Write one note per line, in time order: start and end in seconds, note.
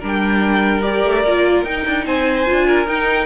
0.00 1.04 G3
0.00 0.83 D4
0.00 2.04 A#4
0.06 0.82 G5
0.82 1.24 G4
0.82 1.64 D5
1.04 1.24 A3
1.24 1.63 A#3
1.24 1.66 F4
1.63 1.84 D#4
1.63 2.46 D#4
1.63 2.05 G5
1.86 2.05 D4
2.05 2.46 C4
2.05 2.67 C5
2.05 2.87 G#5
2.46 2.86 D4
2.46 2.86 F4
2.67 3.26 A#4
2.86 3.26 D#4
2.86 3.26 G5